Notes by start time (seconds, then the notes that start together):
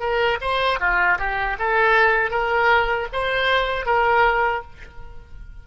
0.00 A#4
0.41 C5
0.80 F4
1.19 G4
1.59 A4
2.31 A#4
3.13 C5
3.86 A#4